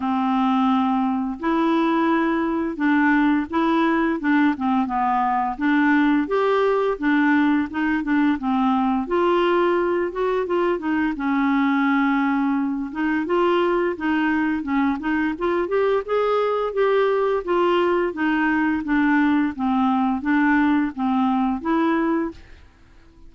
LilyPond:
\new Staff \with { instrumentName = "clarinet" } { \time 4/4 \tempo 4 = 86 c'2 e'2 | d'4 e'4 d'8 c'8 b4 | d'4 g'4 d'4 dis'8 d'8 | c'4 f'4. fis'8 f'8 dis'8 |
cis'2~ cis'8 dis'8 f'4 | dis'4 cis'8 dis'8 f'8 g'8 gis'4 | g'4 f'4 dis'4 d'4 | c'4 d'4 c'4 e'4 | }